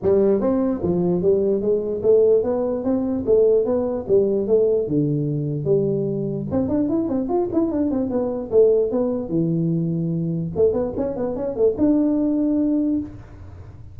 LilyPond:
\new Staff \with { instrumentName = "tuba" } { \time 4/4 \tempo 4 = 148 g4 c'4 f4 g4 | gis4 a4 b4 c'4 | a4 b4 g4 a4 | d2 g2 |
c'8 d'8 e'8 c'8 f'8 e'8 d'8 c'8 | b4 a4 b4 e4~ | e2 a8 b8 cis'8 b8 | cis'8 a8 d'2. | }